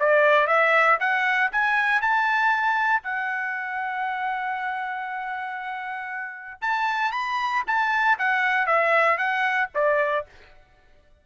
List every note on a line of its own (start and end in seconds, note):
0.00 0.47 D5
0.47 0.99 E5
1.00 1.51 F#5
1.52 2.02 G#5
2.02 3.03 A5
3.03 6.62 F#5
6.62 7.12 A5
7.12 7.63 B5
7.67 8.18 A5
8.19 8.67 F#5
8.67 9.18 E5
9.18 9.69 F#5
9.75 10.26 D5